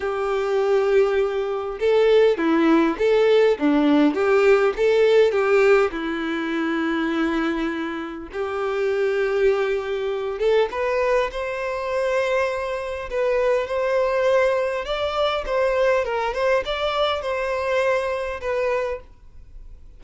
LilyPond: \new Staff \with { instrumentName = "violin" } { \time 4/4 \tempo 4 = 101 g'2. a'4 | e'4 a'4 d'4 g'4 | a'4 g'4 e'2~ | e'2 g'2~ |
g'4. a'8 b'4 c''4~ | c''2 b'4 c''4~ | c''4 d''4 c''4 ais'8 c''8 | d''4 c''2 b'4 | }